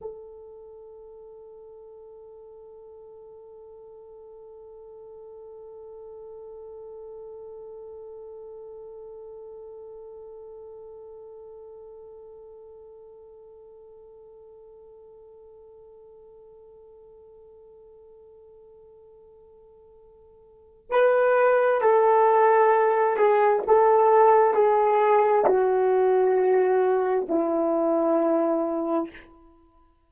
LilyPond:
\new Staff \with { instrumentName = "horn" } { \time 4/4 \tempo 4 = 66 a'1~ | a'1~ | a'1~ | a'1~ |
a'1~ | a'2. b'4 | a'4. gis'8 a'4 gis'4 | fis'2 e'2 | }